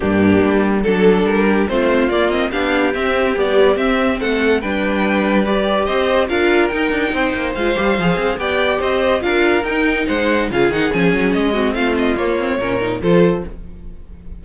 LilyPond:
<<
  \new Staff \with { instrumentName = "violin" } { \time 4/4 \tempo 4 = 143 g'2 a'4 ais'4 | c''4 d''8 dis''8 f''4 e''4 | d''4 e''4 fis''4 g''4~ | g''4 d''4 dis''4 f''4 |
g''2 f''2 | g''4 dis''4 f''4 g''4 | fis''4 f''8 fis''8 gis''4 dis''4 | f''8 dis''8 cis''2 c''4 | }
  \new Staff \with { instrumentName = "violin" } { \time 4/4 d'2 a'4. g'8 | f'2 g'2~ | g'2 a'4 b'4~ | b'2 c''4 ais'4~ |
ais'4 c''2. | d''4 c''4 ais'2 | c''4 gis'2~ gis'8 fis'8 | f'2 ais'4 a'4 | }
  \new Staff \with { instrumentName = "viola" } { \time 4/4 ais2 d'2 | c'4 ais8 c'8 d'4 c'4 | g4 c'2 d'4~ | d'4 g'2 f'4 |
dis'2 f'8 g'8 gis'4 | g'2 f'4 dis'4~ | dis'4 f'8 dis'8 cis'4. c'8~ | c'4 ais8 c'8 cis'8 dis'8 f'4 | }
  \new Staff \with { instrumentName = "cello" } { \time 4/4 g,4 g4 fis4 g4 | a4 ais4 b4 c'4 | b4 c'4 a4 g4~ | g2 c'4 d'4 |
dis'8 d'8 c'8 ais8 gis8 g8 f8 c'8 | b4 c'4 d'4 dis'4 | gis4 cis8 dis8 f8 fis8 gis4 | a4 ais4 ais,4 f4 | }
>>